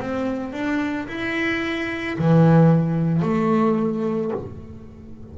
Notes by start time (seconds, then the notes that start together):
0.00 C4
0.53 D4
1.08 E4
2.18 E3
3.22 A3